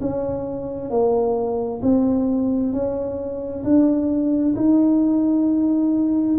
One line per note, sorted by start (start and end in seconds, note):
0.00 0.90 C#4
0.90 1.81 A#3
1.82 2.72 C4
2.72 3.63 C#4
3.64 4.55 D4
4.56 6.38 D#4